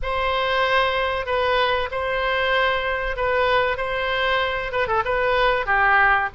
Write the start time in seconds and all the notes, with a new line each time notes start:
0.02 C5
1.25 B4
1.91 C5
3.16 B4
3.77 C5
4.72 B4
4.87 A4
5.04 B4
5.66 G4